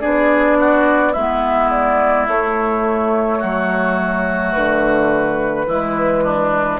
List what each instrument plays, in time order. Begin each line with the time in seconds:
0.00 bassoon B3, clarinet D4, oboe G#4, flute D5
0.60 oboe F#4
1.12 bassoon G#3, oboe E4, flute E5
1.19 clarinet B3
1.71 flute D5
2.27 clarinet A3, bassoon A3, flute C#5
3.39 bassoon F#3, oboe F#4
4.53 bassoon D3, flute B4
5.66 bassoon E3, clarinet G#3, oboe E4
6.24 oboe D4